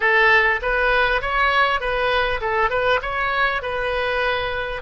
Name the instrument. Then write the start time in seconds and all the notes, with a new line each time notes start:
oboe
0.00 A4
0.62 B4
1.21 C#5
1.80 B4
2.40 A4
2.70 B4
3.02 C#5
3.62 B4